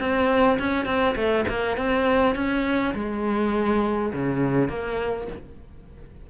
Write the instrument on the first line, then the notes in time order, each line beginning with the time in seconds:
cello
0.00 C4
0.59 C#4
0.86 C4
1.16 A3
1.49 A#3
1.78 C4
2.36 C#4
2.95 G#3
4.13 C#3
4.69 A#3